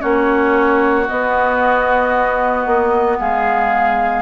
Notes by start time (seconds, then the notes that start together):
0.00 A#3 C#4 F#4 C#5
1.07 B3 D#5
2.66 A#3
3.19 G#3 G#4 F5